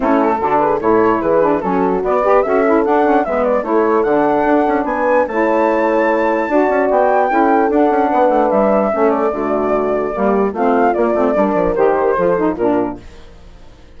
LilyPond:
<<
  \new Staff \with { instrumentName = "flute" } { \time 4/4 \tempo 4 = 148 a'4. b'8 cis''4 b'4 | a'4 d''4 e''4 fis''4 | e''8 d''8 cis''4 fis''2 | gis''4 a''2.~ |
a''4 g''2 fis''4~ | fis''4 e''4. d''4.~ | d''2 f''4 d''4~ | d''4 c''2 ais'4 | }
  \new Staff \with { instrumentName = "horn" } { \time 4/4 e'4 fis'8 gis'8 a'4 gis'4 | fis'4. b'8 a'2 | b'4 a'2. | b'4 cis''2. |
d''2 a'2 | b'2 a'4 fis'4~ | fis'4 g'4 f'2 | ais'2 a'4 f'4 | }
  \new Staff \with { instrumentName = "saxophone" } { \time 4/4 cis'4 d'4 e'4. d'8 | cis'4 b8 g'8 fis'8 e'8 d'8 cis'8 | b4 e'4 d'2~ | d'4 e'2. |
fis'2 e'4 d'4~ | d'2 cis'4 a4~ | a4 ais4 c'4 ais8 c'8 | d'4 g'4 f'8 dis'8 d'4 | }
  \new Staff \with { instrumentName = "bassoon" } { \time 4/4 a4 d4 a,4 e4 | fis4 b4 cis'4 d'4 | gis4 a4 d4 d'8 cis'8 | b4 a2. |
d'8 cis'8 b4 cis'4 d'8 cis'8 | b8 a8 g4 a4 d4~ | d4 g4 a4 ais8 a8 | g8 f8 dis4 f4 ais,4 | }
>>